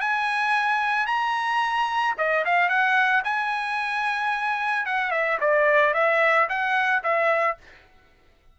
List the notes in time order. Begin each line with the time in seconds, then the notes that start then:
0.00 G#5
1.07 A#5
2.17 D#5
2.45 F5
2.69 F#5
3.24 G#5
4.86 F#5
5.11 E5
5.40 D5
5.94 E5
6.49 F#5
7.03 E5